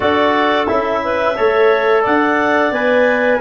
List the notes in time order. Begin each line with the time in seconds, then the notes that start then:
0.00 D4 F#4 A4 D5
0.66 C#4 E4 E5
1.03 B4
1.36 A3 A4 C#5
2.02 D4 D5 F#5
2.71 B3 B4 G#5